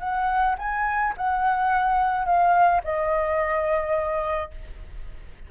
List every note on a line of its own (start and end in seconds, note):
0.00 0.56 F#5
0.59 1.14 G#5
1.17 2.26 F#5
2.26 2.81 F5
2.84 4.51 D#5